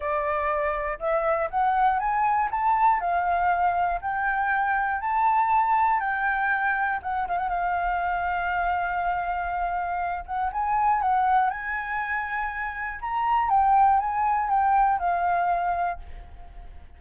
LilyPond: \new Staff \with { instrumentName = "flute" } { \time 4/4 \tempo 4 = 120 d''2 e''4 fis''4 | gis''4 a''4 f''2 | g''2 a''2 | g''2 fis''8 f''16 fis''16 f''4~ |
f''1~ | f''8 fis''8 gis''4 fis''4 gis''4~ | gis''2 ais''4 g''4 | gis''4 g''4 f''2 | }